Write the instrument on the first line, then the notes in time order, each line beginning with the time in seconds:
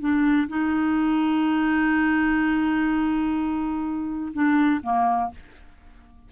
clarinet
0.00 D4
0.48 D#4
4.33 D4
4.83 A#3